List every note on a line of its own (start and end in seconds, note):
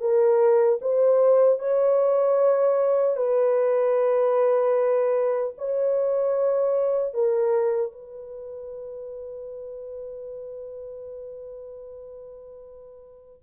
0.00 0.79 A#4
0.81 1.59 C5
1.59 3.16 C#5
3.16 5.53 B4
5.57 7.14 C#5
7.14 7.92 A#4
7.92 13.42 B4